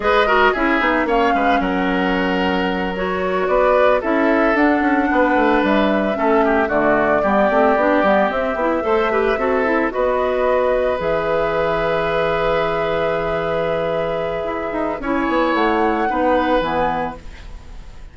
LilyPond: <<
  \new Staff \with { instrumentName = "flute" } { \time 4/4 \tempo 4 = 112 dis''4 e''4 f''4 fis''4~ | fis''4. cis''4 d''4 e''8~ | e''8 fis''2 e''4.~ | e''8 d''2. e''8~ |
e''2~ e''8 dis''4.~ | dis''8 e''2.~ e''8~ | e''1 | gis''4 fis''2 gis''4 | }
  \new Staff \with { instrumentName = "oboe" } { \time 4/4 b'8 ais'8 gis'4 cis''8 b'8 ais'4~ | ais'2~ ais'8 b'4 a'8~ | a'4. b'2 a'8 | g'8 fis'4 g'2~ g'8~ |
g'8 c''8 b'8 a'4 b'4.~ | b'1~ | b'1 | cis''2 b'2 | }
  \new Staff \with { instrumentName = "clarinet" } { \time 4/4 gis'8 fis'8 e'8 dis'8 cis'2~ | cis'4. fis'2 e'8~ | e'8 d'2. cis'8~ | cis'8 a4 b8 c'8 d'8 b8 c'8 |
e'8 a'8 g'8 fis'8 e'8 fis'4.~ | fis'8 gis'2.~ gis'8~ | gis'1 | e'2 dis'4 b4 | }
  \new Staff \with { instrumentName = "bassoon" } { \time 4/4 gis4 cis'8 b8 ais8 gis8 fis4~ | fis2~ fis8 b4 cis'8~ | cis'8 d'8 cis'8 b8 a8 g4 a8~ | a8 d4 g8 a8 b8 g8 c'8 |
b8 a4 c'4 b4.~ | b8 e2.~ e8~ | e2. e'8 dis'8 | cis'8 b8 a4 b4 e4 | }
>>